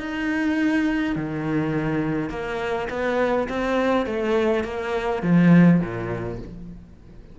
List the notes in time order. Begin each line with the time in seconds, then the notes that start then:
0.00 D#4
1.16 D#3
2.30 A#3
2.89 B3
3.49 C4
4.06 A3
4.64 A#3
5.22 F3
5.80 A#2